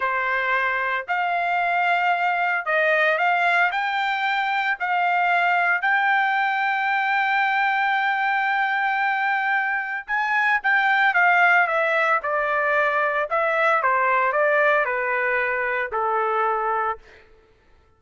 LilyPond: \new Staff \with { instrumentName = "trumpet" } { \time 4/4 \tempo 4 = 113 c''2 f''2~ | f''4 dis''4 f''4 g''4~ | g''4 f''2 g''4~ | g''1~ |
g''2. gis''4 | g''4 f''4 e''4 d''4~ | d''4 e''4 c''4 d''4 | b'2 a'2 | }